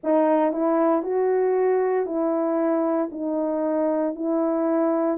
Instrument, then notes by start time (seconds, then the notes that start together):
horn
0.03 D#4
0.52 E4
1.03 F#4
2.05 E4
3.11 D#4
4.15 E4